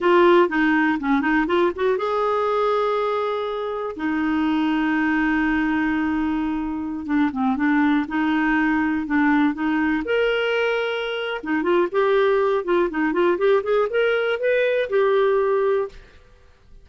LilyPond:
\new Staff \with { instrumentName = "clarinet" } { \time 4/4 \tempo 4 = 121 f'4 dis'4 cis'8 dis'8 f'8 fis'8 | gis'1 | dis'1~ | dis'2~ dis'16 d'8 c'8 d'8.~ |
d'16 dis'2 d'4 dis'8.~ | dis'16 ais'2~ ais'8. dis'8 f'8 | g'4. f'8 dis'8 f'8 g'8 gis'8 | ais'4 b'4 g'2 | }